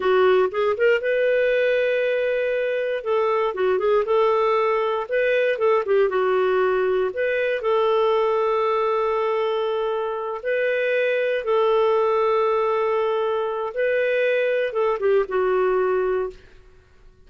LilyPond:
\new Staff \with { instrumentName = "clarinet" } { \time 4/4 \tempo 4 = 118 fis'4 gis'8 ais'8 b'2~ | b'2 a'4 fis'8 gis'8 | a'2 b'4 a'8 g'8 | fis'2 b'4 a'4~ |
a'1~ | a'8 b'2 a'4.~ | a'2. b'4~ | b'4 a'8 g'8 fis'2 | }